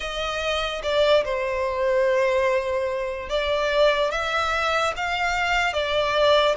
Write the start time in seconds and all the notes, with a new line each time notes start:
0.00 D#5
0.82 D5
1.24 C5
3.29 D5
4.11 E5
4.96 F5
5.73 D5